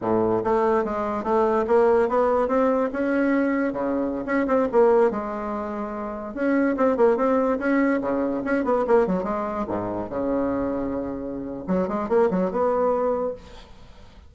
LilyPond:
\new Staff \with { instrumentName = "bassoon" } { \time 4/4 \tempo 4 = 144 a,4 a4 gis4 a4 | ais4 b4 c'4 cis'4~ | cis'4 cis4~ cis16 cis'8 c'8 ais8.~ | ais16 gis2. cis'8.~ |
cis'16 c'8 ais8 c'4 cis'4 cis8.~ | cis16 cis'8 b8 ais8 fis8 gis4 gis,8.~ | gis,16 cis2.~ cis8. | fis8 gis8 ais8 fis8 b2 | }